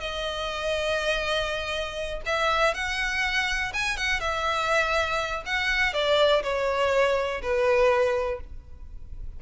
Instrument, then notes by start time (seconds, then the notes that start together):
violin
0.00 D#5
2.26 E5
2.74 F#5
3.73 G#5
3.97 F#5
4.20 E5
5.45 F#5
5.93 D5
6.43 C#5
7.42 B4